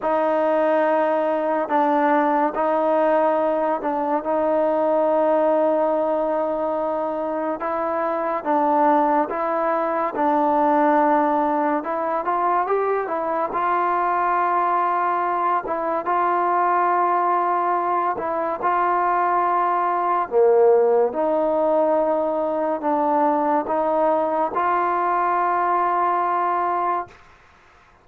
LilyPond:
\new Staff \with { instrumentName = "trombone" } { \time 4/4 \tempo 4 = 71 dis'2 d'4 dis'4~ | dis'8 d'8 dis'2.~ | dis'4 e'4 d'4 e'4 | d'2 e'8 f'8 g'8 e'8 |
f'2~ f'8 e'8 f'4~ | f'4. e'8 f'2 | ais4 dis'2 d'4 | dis'4 f'2. | }